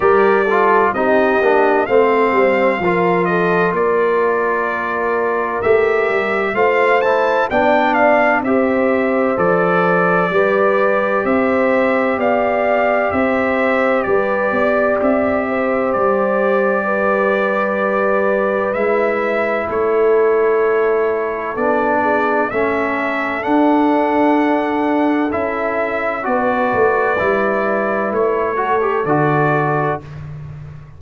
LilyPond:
<<
  \new Staff \with { instrumentName = "trumpet" } { \time 4/4 \tempo 4 = 64 d''4 dis''4 f''4. dis''8 | d''2 e''4 f''8 a''8 | g''8 f''8 e''4 d''2 | e''4 f''4 e''4 d''4 |
e''4 d''2. | e''4 cis''2 d''4 | e''4 fis''2 e''4 | d''2 cis''4 d''4 | }
  \new Staff \with { instrumentName = "horn" } { \time 4/4 ais'8 a'8 g'4 c''4 ais'8 a'8 | ais'2. c''4 | d''4 c''2 b'4 | c''4 d''4 c''4 b'8 d''8~ |
d''8 c''4. b'2~ | b'4 a'2~ a'8 gis'8 | a'1 | b'2~ b'8 a'4. | }
  \new Staff \with { instrumentName = "trombone" } { \time 4/4 g'8 f'8 dis'8 d'8 c'4 f'4~ | f'2 g'4 f'8 e'8 | d'4 g'4 a'4 g'4~ | g'1~ |
g'1 | e'2. d'4 | cis'4 d'2 e'4 | fis'4 e'4. fis'16 g'16 fis'4 | }
  \new Staff \with { instrumentName = "tuba" } { \time 4/4 g4 c'8 ais8 a8 g8 f4 | ais2 a8 g8 a4 | b4 c'4 f4 g4 | c'4 b4 c'4 g8 b8 |
c'4 g2. | gis4 a2 b4 | a4 d'2 cis'4 | b8 a8 g4 a4 d4 | }
>>